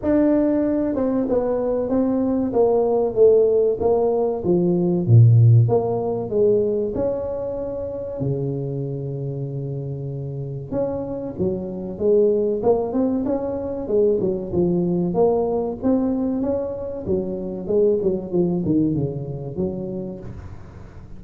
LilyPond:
\new Staff \with { instrumentName = "tuba" } { \time 4/4 \tempo 4 = 95 d'4. c'8 b4 c'4 | ais4 a4 ais4 f4 | ais,4 ais4 gis4 cis'4~ | cis'4 cis2.~ |
cis4 cis'4 fis4 gis4 | ais8 c'8 cis'4 gis8 fis8 f4 | ais4 c'4 cis'4 fis4 | gis8 fis8 f8 dis8 cis4 fis4 | }